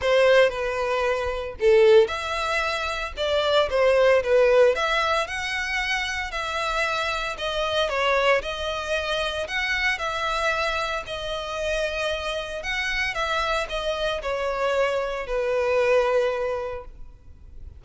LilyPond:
\new Staff \with { instrumentName = "violin" } { \time 4/4 \tempo 4 = 114 c''4 b'2 a'4 | e''2 d''4 c''4 | b'4 e''4 fis''2 | e''2 dis''4 cis''4 |
dis''2 fis''4 e''4~ | e''4 dis''2. | fis''4 e''4 dis''4 cis''4~ | cis''4 b'2. | }